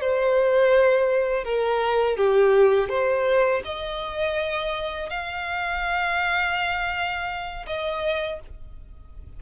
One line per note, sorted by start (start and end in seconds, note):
0.00 1.44 C5
1.44 2.17 A#4
2.17 2.89 G4
2.89 3.62 C5
3.65 5.10 D#5
5.10 7.66 F5
7.67 8.40 D#5